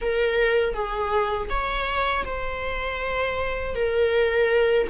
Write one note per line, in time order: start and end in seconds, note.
0.01 0.74 A#4
0.74 1.49 G#4
1.49 2.24 C#5
2.25 3.75 C5
3.75 4.88 A#4